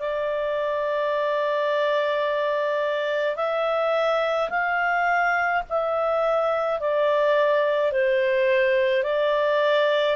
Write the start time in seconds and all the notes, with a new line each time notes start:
0.00 D5
3.37 E5
4.50 F5
5.70 E5
6.80 D5
7.92 C5
9.04 D5